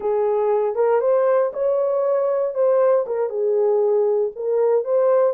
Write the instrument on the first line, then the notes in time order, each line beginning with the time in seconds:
horn
0.00 G#4
0.75 A#4
1.00 C5
1.53 C#5
2.54 C5
3.06 A#4
3.29 G#4
4.35 A#4
4.84 C5